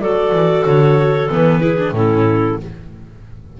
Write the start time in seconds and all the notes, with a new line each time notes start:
0.00 F#3 F#4 A4 D5
0.31 E3
0.65 D3 C#5
1.29 E3 B3 B4
1.60 E4 G#4
1.77 D4
1.91 A2 C#4 E4 A4